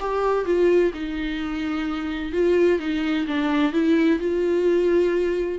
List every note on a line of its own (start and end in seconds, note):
0.00 0.45 G4
0.45 0.92 F4
0.94 2.32 D#4
2.32 2.79 F4
2.79 3.26 D#4
3.27 3.73 D4
3.73 4.19 E4
4.19 5.59 F4